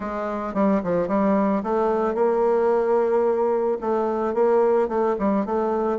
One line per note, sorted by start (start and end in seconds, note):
0.00 0.53 G#3
0.53 0.81 G3
0.83 1.08 F3
1.08 1.62 G3
1.63 2.14 A3
2.14 3.78 A#3
3.81 4.34 A3
4.34 4.88 A#3
4.88 5.15 A3
5.18 5.45 G3
5.45 5.99 A3